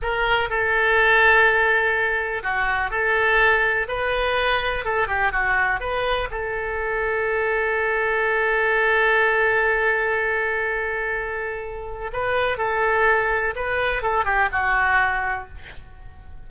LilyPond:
\new Staff \with { instrumentName = "oboe" } { \time 4/4 \tempo 4 = 124 ais'4 a'2.~ | a'4 fis'4 a'2 | b'2 a'8 g'8 fis'4 | b'4 a'2.~ |
a'1~ | a'1~ | a'4 b'4 a'2 | b'4 a'8 g'8 fis'2 | }